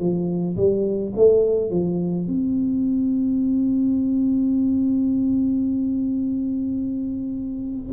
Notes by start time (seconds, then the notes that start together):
0.00 F3
0.57 G3
1.16 A3
1.71 F3
2.27 C4